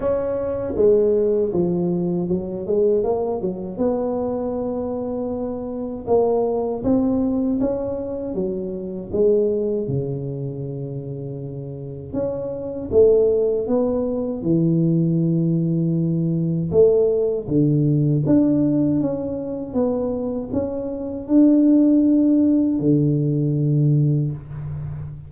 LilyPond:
\new Staff \with { instrumentName = "tuba" } { \time 4/4 \tempo 4 = 79 cis'4 gis4 f4 fis8 gis8 | ais8 fis8 b2. | ais4 c'4 cis'4 fis4 | gis4 cis2. |
cis'4 a4 b4 e4~ | e2 a4 d4 | d'4 cis'4 b4 cis'4 | d'2 d2 | }